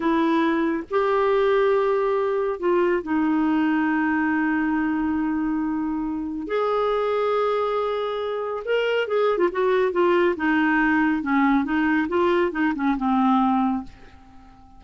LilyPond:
\new Staff \with { instrumentName = "clarinet" } { \time 4/4 \tempo 4 = 139 e'2 g'2~ | g'2 f'4 dis'4~ | dis'1~ | dis'2. gis'4~ |
gis'1 | ais'4 gis'8. f'16 fis'4 f'4 | dis'2 cis'4 dis'4 | f'4 dis'8 cis'8 c'2 | }